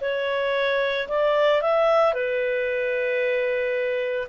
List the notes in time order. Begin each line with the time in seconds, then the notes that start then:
0.00 C#5
1.08 D5
1.61 E5
2.13 B4